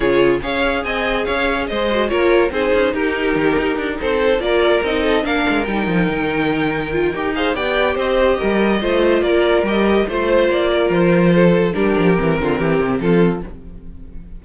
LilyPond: <<
  \new Staff \with { instrumentName = "violin" } { \time 4/4 \tempo 4 = 143 cis''4 f''4 gis''4 f''4 | dis''4 cis''4 c''4 ais'4~ | ais'4. c''4 d''4 dis''8~ | dis''8 f''4 g''2~ g''8~ |
g''4. f''8 g''4 dis''4~ | dis''2 d''4 dis''4 | c''4 d''4 c''2 | ais'2. a'4 | }
  \new Staff \with { instrumentName = "violin" } { \time 4/4 gis'4 cis''4 dis''4 cis''4 | c''4 ais'4 gis'4 g'4~ | g'4. a'4 ais'4. | a'8 ais'2.~ ais'8~ |
ais'4. c''8 d''4 c''4 | ais'4 c''4 ais'2 | c''4. ais'4. a'4 | g'4. f'8 g'4 f'4 | }
  \new Staff \with { instrumentName = "viola" } { \time 4/4 f'4 gis'2.~ | gis'8 fis'8 f'4 dis'2~ | dis'2~ dis'8 f'4 dis'8~ | dis'8 d'4 dis'2~ dis'8~ |
dis'8 f'8 g'8 gis'8 g'2~ | g'4 f'2 g'4 | f'1 | d'4 c'2. | }
  \new Staff \with { instrumentName = "cello" } { \time 4/4 cis4 cis'4 c'4 cis'4 | gis4 ais4 c'8 cis'8 dis'4 | dis8 dis'8 d'8 c'4 ais4 c'8~ | c'8 ais8 gis8 g8 f8 dis4.~ |
dis4 dis'4 b4 c'4 | g4 a4 ais4 g4 | a4 ais4 f2 | g8 f8 e8 d8 e8 c8 f4 | }
>>